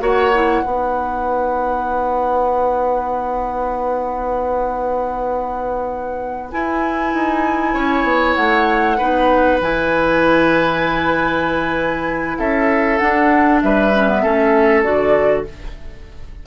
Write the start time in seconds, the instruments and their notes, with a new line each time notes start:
0.00 bassoon A#3, clarinet F#4, oboe C#5, flute F#5
0.35 clarinet E4
0.64 bassoon B3, clarinet D#4, oboe B4
6.51 clarinet E4, bassoon E4, flute G#5
7.14 bassoon D#4
7.74 bassoon C#4, oboe C#5
8.04 bassoon B3
8.35 bassoon A3, flute F#5
8.98 bassoon B3, clarinet D#4, oboe B4
9.61 bassoon E3, clarinet E4, flute G#5
12.38 bassoon C#4, oboe A4, flute E5
12.98 clarinet D4, bassoon D4, flute F#5
13.62 bassoon G3, oboe B4, flute E5
13.93 clarinet C#4
14.09 clarinet B3
14.23 bassoon A3, clarinet C#4, oboe A4
14.83 bassoon D3, clarinet F#4, flute D5